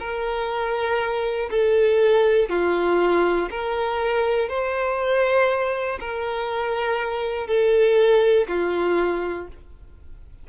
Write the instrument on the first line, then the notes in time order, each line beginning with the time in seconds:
violin
0.00 A#4
1.51 A4
2.49 F4
3.51 A#4
4.49 C5
6.00 A#4
7.48 A4
8.48 F4